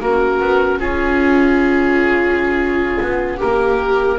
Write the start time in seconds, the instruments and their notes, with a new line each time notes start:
0.00 double bass A#3, clarinet C#4, viola F#4, oboe A#4
0.40 double bass B3
0.78 double bass C#4, viola F4, oboe G#4
3.01 double bass B3
3.37 double bass A#3, viola G4, oboe A#4